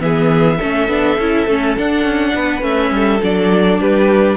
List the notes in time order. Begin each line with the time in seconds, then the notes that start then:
0.00 E3 B3 G#4 E5
0.58 A3 C#4 A4
0.88 B3 D4
1.19 C#4 E4
1.47 A3 C#4
1.77 D4 F#5
2.04 C#4
2.35 B3 B4
2.61 A3 C#4 E5
2.91 G3 A4
3.22 F#3 D4 D5
3.79 G3 G4 B4